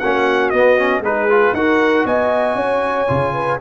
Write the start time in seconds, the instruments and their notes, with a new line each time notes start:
0.00 tuba A#3, trombone C#4, horn F#4, trumpet F#5
0.50 tuba B3, trombone B3, trumpet D#5
0.78 trombone C#4
1.01 tuba G#3, trombone D#4, horn G#4, trumpet B4
1.30 trombone F4
1.53 tuba D#4, trombone F#4, horn A#4, trumpet F#5
2.05 tuba B3, horn D#5, trumpet G#5
2.56 tuba C#4, horn C#5
3.08 tuba C#3, trombone F4
3.34 horn B4